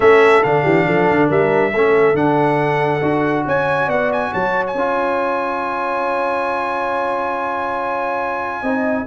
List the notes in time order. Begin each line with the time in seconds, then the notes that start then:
0.00 A3 C#4 A4 E5
0.43 D3 D4 F5
0.63 E3 G4
0.86 F3 A4
1.10 D3
1.28 G3 A#4 E5
1.74 A3 C#4 A4
2.13 D3 D4 F#5
3.01 D4 F#4
3.46 C#4 C#5 G#5
3.85 B3 D5 F#5
4.12 G#5
4.31 F#3 C#5 A5
4.66 G#5
4.74 C#4 F4
8.61 C4 D#4 D#5